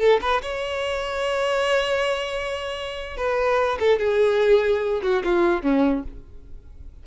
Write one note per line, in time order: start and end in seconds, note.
0.00 0.21 A4
0.21 0.42 B4
0.43 3.17 C#5
3.17 3.79 B4
3.80 3.99 A4
3.99 5.02 G#4
5.03 5.23 F#4
5.25 5.63 F4
5.63 6.04 C#4